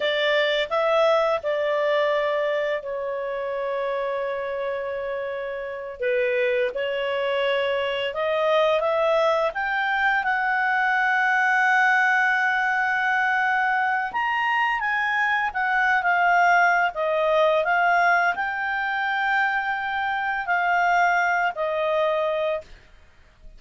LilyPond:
\new Staff \with { instrumentName = "clarinet" } { \time 4/4 \tempo 4 = 85 d''4 e''4 d''2 | cis''1~ | cis''8 b'4 cis''2 dis''8~ | dis''8 e''4 g''4 fis''4.~ |
fis''1 | ais''4 gis''4 fis''8. f''4~ f''16 | dis''4 f''4 g''2~ | g''4 f''4. dis''4. | }